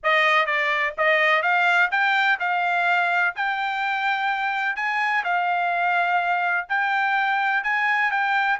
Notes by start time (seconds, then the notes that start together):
0.03 D#5
0.46 D5
0.97 D#5
1.42 F5
1.91 G5
2.39 F5
3.35 G5
4.76 G#5
5.24 F5
6.68 G5
7.63 G#5
8.11 G5